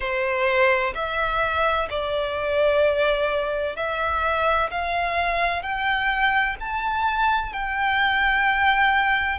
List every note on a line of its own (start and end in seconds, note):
0.00 0.93 C5
0.94 1.88 E5
1.90 3.76 D5
3.76 4.70 E5
4.70 5.62 F5
5.62 6.56 G5
6.60 7.53 A5
7.53 9.38 G5